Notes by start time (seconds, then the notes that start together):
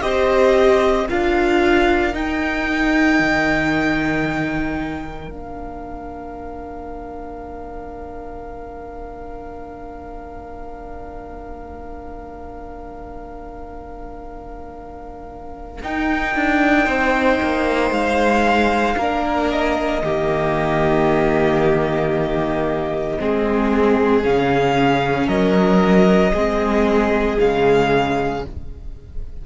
0.00 C4 G4 C5 D#5
1.07 D4 F4 A#4 F5
2.12 D#4 G5
3.19 D#3
5.28 A#3 D4 F5
15.82 D#4 G5
16.34 D4
16.84 C4 C5
17.42 A#3
17.90 G#3 F5
18.97 A#3 D4 A#4
19.50 D#5
20.02 D#3 A#3 G4
23.19 G#3 C4 G#4
24.22 C#3 C#4 F5
25.26 F#3 A#4 D#5
26.32 G#3 C4 G#4
27.37 C#3 G#3 F5